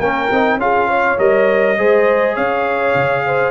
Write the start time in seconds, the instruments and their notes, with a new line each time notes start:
0.00 tuba A#3, trombone C#4, horn A#4, trumpet G5
0.32 tuba C4, trombone D#4
0.58 tuba C#4, trombone F4, horn G#4, trumpet F5
0.88 horn C#5
1.19 tuba G3, trombone A#4, trumpet D#5
1.78 tuba G#3, trombone G#4, horn C5
2.35 tuba C#4, horn C#5, trumpet F5
2.95 tuba C#3
3.26 horn C5